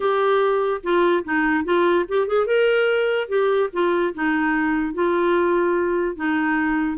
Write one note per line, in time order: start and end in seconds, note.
0.00 0.81 G4
0.83 1.24 F4
1.24 1.64 D#4
1.64 2.05 F4
2.08 2.27 G4
2.27 2.46 G#4
2.46 3.28 A#4
3.28 3.69 G4
3.72 4.14 F4
4.14 4.94 D#4
4.94 6.16 F4
6.16 6.98 D#4